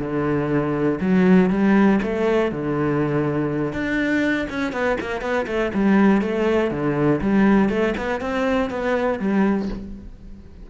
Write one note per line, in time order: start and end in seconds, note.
0.00 0.99 D3
1.01 1.50 F#3
1.50 2.00 G3
2.02 2.52 A3
2.52 3.73 D3
3.73 4.47 D4
4.50 4.73 C#4
4.73 4.97 B3
5.01 5.21 A#3
5.21 5.46 B3
5.47 5.72 A3
5.74 6.22 G3
6.22 6.71 A3
6.71 7.21 D3
7.21 7.69 G3
7.69 7.94 A3
7.97 8.21 B3
8.21 8.70 C4
8.70 9.19 B3
9.19 9.69 G3